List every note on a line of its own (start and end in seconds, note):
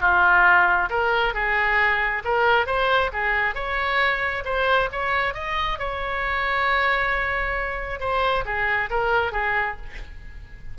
0.00 0.89 F4
0.89 1.34 A#4
1.34 2.23 G#4
2.24 2.66 A#4
2.66 3.10 C5
3.12 3.54 G#4
3.54 4.43 C#5
4.44 4.89 C5
4.92 5.34 C#5
5.34 5.78 D#5
5.78 8.00 C#5
8.00 8.44 C5
8.45 8.89 G#4
8.89 9.32 A#4
9.32 9.76 G#4